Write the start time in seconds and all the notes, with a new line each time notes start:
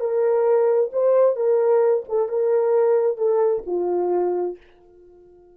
0.00 A#4
0.93 C5
1.36 A#4
2.09 A4
2.29 A#4
3.18 A4
3.66 F4